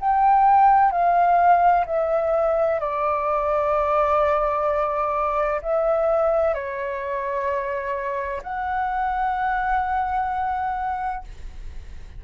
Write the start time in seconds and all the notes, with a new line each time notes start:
0.00 G5
0.92 F5
1.86 E5
2.80 D5
5.62 E5
6.55 C#5
8.43 F#5